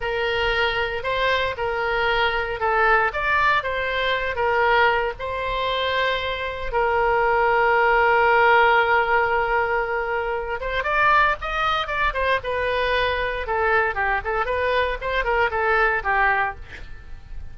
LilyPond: \new Staff \with { instrumentName = "oboe" } { \time 4/4 \tempo 4 = 116 ais'2 c''4 ais'4~ | ais'4 a'4 d''4 c''4~ | c''8 ais'4. c''2~ | c''4 ais'2.~ |
ais'1~ | ais'8 c''8 d''4 dis''4 d''8 c''8 | b'2 a'4 g'8 a'8 | b'4 c''8 ais'8 a'4 g'4 | }